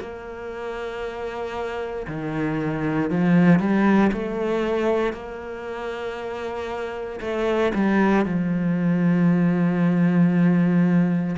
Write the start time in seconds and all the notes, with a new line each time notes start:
0.00 A#3
2.08 D#3
3.11 F3
3.60 G3
4.13 A3
5.13 A#3
7.21 A3
7.75 G3
8.26 F3